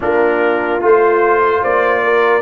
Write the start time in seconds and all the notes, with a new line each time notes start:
0.00 A#3 D4 F4 A#4
0.80 A3 F4 C5
1.60 A#3 C5 D5
2.04 A#4